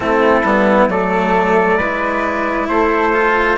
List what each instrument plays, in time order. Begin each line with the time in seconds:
0.00 bassoon A3, cello C4, flute E4, trumpet A4
0.43 bassoon G3, cello B3
0.87 bassoon F#3, cello A3, flute A4, trumpet D5
1.77 bassoon G#3, cello E4, flute B4
2.68 bassoon A3, flute A4, trumpet C5
3.12 cello F4